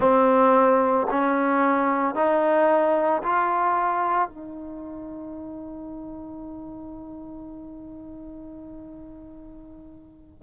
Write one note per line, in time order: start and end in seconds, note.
0.00 1.07 C4
1.10 2.14 C#4
2.14 3.21 D#4
3.22 4.29 F4
4.29 10.42 D#4